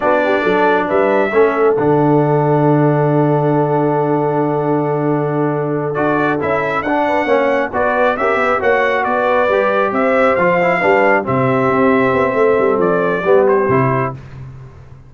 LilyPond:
<<
  \new Staff \with { instrumentName = "trumpet" } { \time 4/4 \tempo 4 = 136 d''2 e''2 | fis''1~ | fis''1~ | fis''4. d''4 e''4 fis''8~ |
fis''4. d''4 e''4 fis''8~ | fis''8 d''2 e''4 f''8~ | f''4. e''2~ e''8~ | e''4 d''4. c''4. | }
  \new Staff \with { instrumentName = "horn" } { \time 4/4 fis'8 g'8 a'4 b'4 a'4~ | a'1~ | a'1~ | a'1 |
b'8 cis''4 b'4 ais'8 b'8 cis''8~ | cis''8 b'2 c''4.~ | c''8 b'4 g'2~ g'8 | a'2 g'2 | }
  \new Staff \with { instrumentName = "trombone" } { \time 4/4 d'2. cis'4 | d'1~ | d'1~ | d'4. fis'4 e'4 d'8~ |
d'8 cis'4 fis'4 g'4 fis'8~ | fis'4. g'2 f'8 | e'8 d'4 c'2~ c'8~ | c'2 b4 e'4 | }
  \new Staff \with { instrumentName = "tuba" } { \time 4/4 b4 fis4 g4 a4 | d1~ | d1~ | d4. d'4 cis'4 d'8~ |
d'8 ais4 b4 cis'8 b8 ais8~ | ais8 b4 g4 c'4 f8~ | f8 g4 c4 c'4 b8 | a8 g8 f4 g4 c4 | }
>>